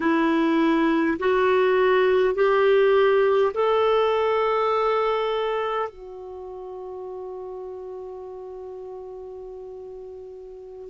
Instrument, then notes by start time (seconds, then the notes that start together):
clarinet
0.00 E4
1.19 F#4
2.34 G4
3.53 A4
5.89 F#4